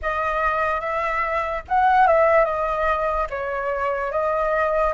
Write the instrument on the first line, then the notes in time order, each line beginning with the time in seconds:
flute
0.01 D#5
0.80 E5
1.68 F#5
2.07 E5
2.44 D#5
3.30 C#5
4.11 D#5